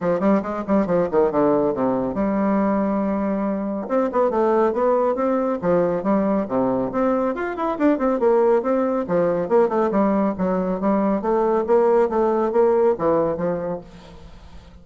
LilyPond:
\new Staff \with { instrumentName = "bassoon" } { \time 4/4 \tempo 4 = 139 f8 g8 gis8 g8 f8 dis8 d4 | c4 g2.~ | g4 c'8 b8 a4 b4 | c'4 f4 g4 c4 |
c'4 f'8 e'8 d'8 c'8 ais4 | c'4 f4 ais8 a8 g4 | fis4 g4 a4 ais4 | a4 ais4 e4 f4 | }